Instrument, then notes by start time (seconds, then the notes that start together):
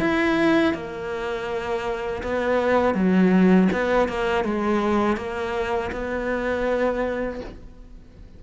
cello
0.00 E4
0.74 A#3
2.23 B3
2.94 F#3
3.72 B3
4.08 A#3
4.44 G#3
5.17 A#3
5.92 B3